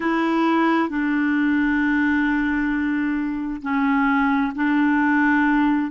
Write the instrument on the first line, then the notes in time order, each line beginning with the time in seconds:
clarinet
0.00 E4
0.88 D4
3.62 C#4
4.55 D4